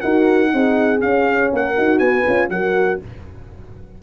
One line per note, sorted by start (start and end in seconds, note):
0.00 0.53 D#4
0.00 0.48 F#4
0.00 0.51 A#4
0.00 1.00 F#5
0.48 1.02 C4
0.48 0.98 D#4
0.48 1.53 G#4
0.99 1.74 C#4
0.99 1.52 C#4
0.99 1.51 F5
1.53 1.77 A#3
1.53 1.99 A#4
1.53 1.98 F#5
1.76 2.00 D#4
1.76 2.26 F#4
1.98 2.25 B3
1.98 2.49 B4
1.98 2.48 G#5
2.27 2.49 C#4
2.27 2.52 F4
2.49 2.99 F#3
2.49 3.02 F#4
2.49 3.02 A#4
2.49 3.00 F#5